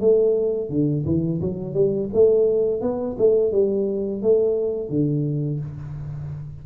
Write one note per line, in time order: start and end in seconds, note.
0.00 0.69 A3
0.69 1.05 D3
1.05 1.41 E3
1.41 1.74 F#3
1.74 2.09 G3
2.13 2.81 A3
2.81 3.16 B3
3.18 3.52 A3
3.52 4.22 G3
4.22 4.89 A3
4.89 5.60 D3